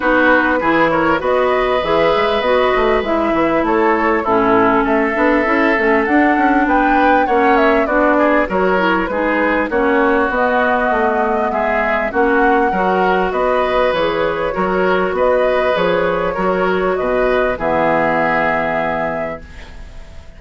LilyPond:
<<
  \new Staff \with { instrumentName = "flute" } { \time 4/4 \tempo 4 = 99 b'4. cis''8 dis''4 e''4 | dis''4 e''4 cis''4 a'4 | e''2 fis''4 g''4 | fis''8 e''8 d''4 cis''4 b'4 |
cis''4 dis''2 e''4 | fis''2 dis''4 cis''4~ | cis''4 dis''4 cis''2 | dis''4 e''2. | }
  \new Staff \with { instrumentName = "oboe" } { \time 4/4 fis'4 gis'8 ais'8 b'2~ | b'2 a'4 e'4 | a'2. b'4 | cis''4 fis'8 gis'8 ais'4 gis'4 |
fis'2. gis'4 | fis'4 ais'4 b'2 | ais'4 b'2 ais'4 | b'4 gis'2. | }
  \new Staff \with { instrumentName = "clarinet" } { \time 4/4 dis'4 e'4 fis'4 gis'4 | fis'4 e'2 cis'4~ | cis'8 d'8 e'8 cis'8 d'2 | cis'4 d'4 fis'8 e'8 dis'4 |
cis'4 b2. | cis'4 fis'2 gis'4 | fis'2 gis'4 fis'4~ | fis'4 b2. | }
  \new Staff \with { instrumentName = "bassoon" } { \time 4/4 b4 e4 b4 e8 gis8 | b8 a8 gis8 e8 a4 a,4 | a8 b8 cis'8 a8 d'8 cis'8 b4 | ais4 b4 fis4 gis4 |
ais4 b4 a4 gis4 | ais4 fis4 b4 e4 | fis4 b4 f4 fis4 | b,4 e2. | }
>>